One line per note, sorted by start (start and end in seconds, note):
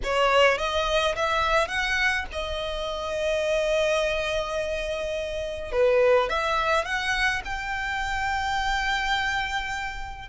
0.03 0.58 C#5
0.58 1.15 D#5
1.15 1.68 E5
1.68 2.25 F#5
2.31 5.71 D#5
5.71 6.29 B4
6.29 6.84 E5
6.84 7.42 F#5
7.44 10.28 G5